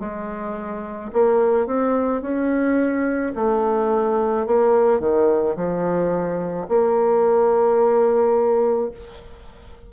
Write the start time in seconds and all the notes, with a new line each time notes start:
0.00 G#3
1.13 A#3
1.67 C4
2.22 C#4
3.36 A3
4.47 A#3
5.00 D#3
5.57 F3
6.69 A#3